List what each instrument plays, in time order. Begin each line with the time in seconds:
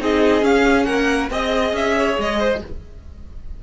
0.00 cello C4, viola D#4, violin G#4 D#5
0.42 viola C#4, cello C#4, violin F5
0.85 cello A#3, violin A#4 F#5
1.30 cello C4, viola G#4, violin D#5
1.73 cello C#4, violin E5
1.98 violin C#5
2.18 cello G#3, violin D#5
2.39 violin C5